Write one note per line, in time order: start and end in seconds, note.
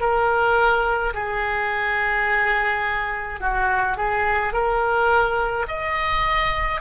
0.00 1.13 A#4
1.14 3.40 G#4
3.41 3.97 F#4
3.97 4.53 G#4
4.53 5.67 A#4
5.68 6.81 D#5